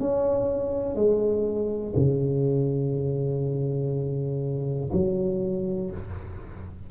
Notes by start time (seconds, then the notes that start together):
0.00 C#4
0.96 G#3
1.96 C#3
4.93 F#3